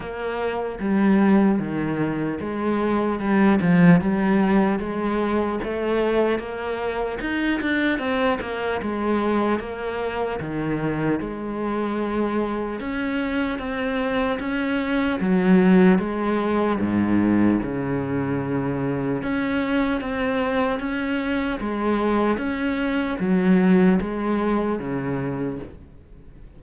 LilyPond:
\new Staff \with { instrumentName = "cello" } { \time 4/4 \tempo 4 = 75 ais4 g4 dis4 gis4 | g8 f8 g4 gis4 a4 | ais4 dis'8 d'8 c'8 ais8 gis4 | ais4 dis4 gis2 |
cis'4 c'4 cis'4 fis4 | gis4 gis,4 cis2 | cis'4 c'4 cis'4 gis4 | cis'4 fis4 gis4 cis4 | }